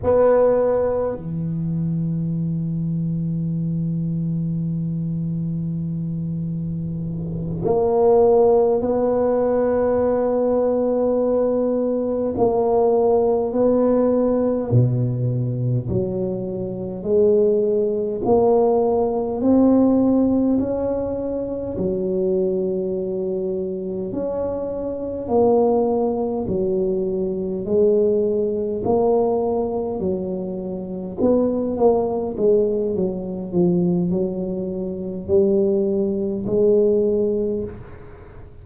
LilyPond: \new Staff \with { instrumentName = "tuba" } { \time 4/4 \tempo 4 = 51 b4 e2.~ | e2~ e8 ais4 b8~ | b2~ b8 ais4 b8~ | b8 b,4 fis4 gis4 ais8~ |
ais8 c'4 cis'4 fis4.~ | fis8 cis'4 ais4 fis4 gis8~ | gis8 ais4 fis4 b8 ais8 gis8 | fis8 f8 fis4 g4 gis4 | }